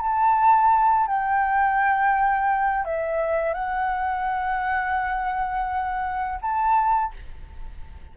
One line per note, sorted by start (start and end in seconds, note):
0.00 1.07 A5
1.07 2.85 G5
2.85 3.54 E5
3.54 6.39 F#5
6.42 7.13 A5